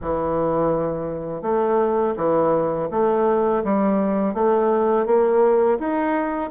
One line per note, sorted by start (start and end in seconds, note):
0.01 1.42 E3
1.42 2.14 A3
2.16 2.88 E3
2.90 3.63 A3
3.63 4.33 G3
4.33 5.06 A3
5.06 5.78 A#3
5.79 6.50 D#4